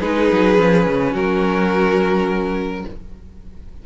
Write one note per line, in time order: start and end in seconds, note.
0.00 0.30 G#3
0.00 0.57 D#4
0.00 1.11 G#4
0.00 1.15 B4
0.32 0.58 F#3
0.57 0.86 F3
0.57 2.85 C#4
0.86 1.13 C#3
1.11 2.84 F#3
1.11 2.82 F#4
1.11 2.86 A#4